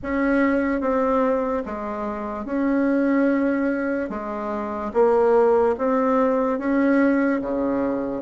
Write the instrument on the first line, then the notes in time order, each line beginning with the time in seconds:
bassoon
0.03 C#4
0.80 C4
1.65 G#3
2.45 C#4
4.09 G#3
4.93 A#3
5.78 C4
6.58 C#4
7.41 C#3